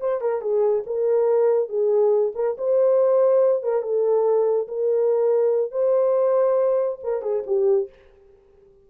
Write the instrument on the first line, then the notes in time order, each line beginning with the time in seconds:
horn
0.00 C5
0.21 A#4
0.41 G#4
0.86 A#4
1.69 G#4
2.35 A#4
2.58 C5
3.63 A#4
3.82 A4
4.68 A#4
5.71 C5
7.03 A#4
7.22 G#4
7.47 G4